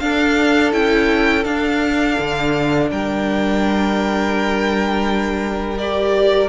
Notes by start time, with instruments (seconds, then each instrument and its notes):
0.00 viola D4, cello D4, violin A4 F5
0.73 cello C#4, viola E4, violin G5
1.44 viola D4, cello D4, violin F5
2.19 cello D3
2.92 cello G3, violin A#4 G5
5.78 viola G4, violin D5